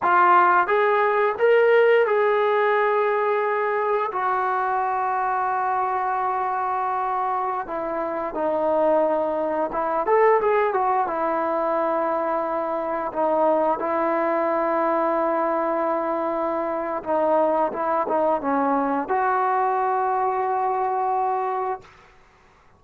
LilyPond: \new Staff \with { instrumentName = "trombone" } { \time 4/4 \tempo 4 = 88 f'4 gis'4 ais'4 gis'4~ | gis'2 fis'2~ | fis'2.~ fis'16 e'8.~ | e'16 dis'2 e'8 a'8 gis'8 fis'16~ |
fis'16 e'2. dis'8.~ | dis'16 e'2.~ e'8.~ | e'4 dis'4 e'8 dis'8 cis'4 | fis'1 | }